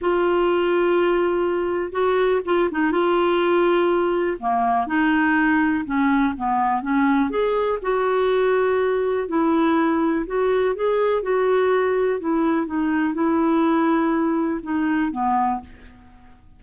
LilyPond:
\new Staff \with { instrumentName = "clarinet" } { \time 4/4 \tempo 4 = 123 f'1 | fis'4 f'8 dis'8 f'2~ | f'4 ais4 dis'2 | cis'4 b4 cis'4 gis'4 |
fis'2. e'4~ | e'4 fis'4 gis'4 fis'4~ | fis'4 e'4 dis'4 e'4~ | e'2 dis'4 b4 | }